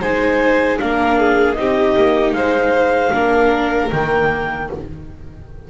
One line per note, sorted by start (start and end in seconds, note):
0.00 0.79 G#3
0.00 0.79 D#4
0.00 0.78 C5
0.00 0.79 G#5
0.79 1.56 A#3
0.79 1.56 D4
0.79 1.19 A#4
0.79 1.54 F5
1.19 1.58 G#4
1.54 1.95 C4
1.54 3.11 D#4
1.54 2.35 G4
1.54 2.31 D#5
1.96 2.32 A#3
2.32 3.10 G#3
2.32 3.12 C5
2.32 3.88 F5
3.11 3.90 A#3
3.11 3.89 D4
3.11 4.68 A#4
3.91 4.70 D#3
3.91 4.70 A#3
3.91 4.69 G5